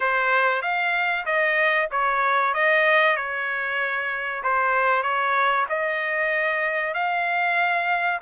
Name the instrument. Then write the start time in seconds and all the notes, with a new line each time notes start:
trumpet
0.00 C5
0.62 F5
1.25 D#5
1.91 C#5
2.53 D#5
3.16 C#5
4.43 C5
5.02 C#5
5.69 D#5
6.94 F5